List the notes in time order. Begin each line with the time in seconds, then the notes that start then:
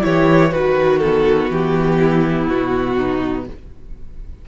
0.00 E3 E4 G4 C#5
0.51 D#3 F#4 B4
0.98 B3 A4
1.49 E3 G4
1.99 E4
2.48 B2 F#4
2.96 D#4